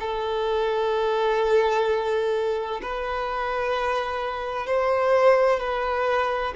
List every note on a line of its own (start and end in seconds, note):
0.00 2.81 A4
2.83 4.67 B4
4.67 5.60 C5
5.60 6.54 B4